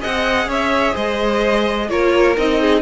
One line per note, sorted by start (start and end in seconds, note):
0.00 0.47 C4
0.00 1.88 G#4
0.00 0.48 D#5
0.00 0.51 F#5
0.47 0.93 C#4
0.47 0.95 C#5
0.47 0.96 E5
0.95 1.90 G#3
0.95 1.88 C5
0.95 1.90 D#5
1.89 2.37 A#3
1.89 2.36 F4
1.89 2.62 A#4
1.89 2.37 C#5
2.37 2.82 C4
2.37 2.82 D#4
2.37 2.82 D#5
2.62 2.82 G#4